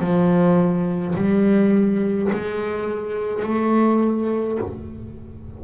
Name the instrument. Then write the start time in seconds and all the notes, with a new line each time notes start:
double bass
0.00 F3
1.15 G3
2.33 G#3
3.44 A3